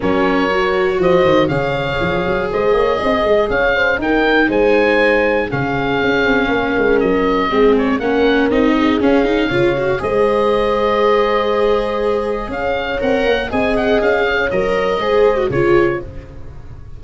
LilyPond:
<<
  \new Staff \with { instrumentName = "oboe" } { \time 4/4 \tempo 4 = 120 cis''2 dis''4 f''4~ | f''4 dis''2 f''4 | g''4 gis''2 f''4~ | f''2 dis''4. cis''8 |
fis''4 dis''4 f''2 | dis''1~ | dis''4 f''4 fis''4 gis''8 fis''8 | f''4 dis''2 cis''4 | }
  \new Staff \with { instrumentName = "horn" } { \time 4/4 ais'2 c''4 cis''4~ | cis''4 c''8 cis''8 dis''4 cis''8 c''8 | ais'4 c''2 gis'4~ | gis'4 ais'2 gis'4 |
ais'4. gis'4. cis''4 | c''1~ | c''4 cis''2 dis''4~ | dis''8 cis''4. c''4 gis'4 | }
  \new Staff \with { instrumentName = "viola" } { \time 4/4 cis'4 fis'2 gis'4~ | gis'1 | dis'2. cis'4~ | cis'2. c'4 |
cis'4 dis'4 cis'8 dis'8 f'8 fis'8 | gis'1~ | gis'2 ais'4 gis'4~ | gis'4 ais'4 gis'8. fis'16 f'4 | }
  \new Staff \with { instrumentName = "tuba" } { \time 4/4 fis2 f8 dis8 cis4 | f8 fis8 gis8 ais8 c'8 gis8 cis'4 | dis'4 gis2 cis4 | cis'8 c'8 ais8 gis8 fis4 gis4 |
ais4 c'4 cis'4 cis4 | gis1~ | gis4 cis'4 c'8 ais8 c'4 | cis'4 fis4 gis4 cis4 | }
>>